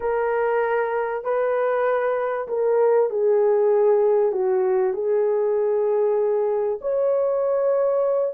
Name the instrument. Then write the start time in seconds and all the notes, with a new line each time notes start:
horn
0.00 A#4
1.24 B4
2.47 A#4
3.10 G#4
4.32 F#4
4.93 G#4
6.81 C#5